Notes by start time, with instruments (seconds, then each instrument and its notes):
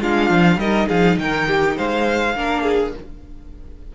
0.00 cello G#3, viola D4, violin F4 F5
0.30 cello F3
0.57 cello G3, viola D#4, violin A#4 D#5
0.88 cello F3, violin G#4 F5
1.18 cello D#3, violin A#4 G5
1.48 violin G4
1.77 cello G#3, violin C5 F5
2.36 cello A#3, viola D4, violin A#4
2.63 violin G#4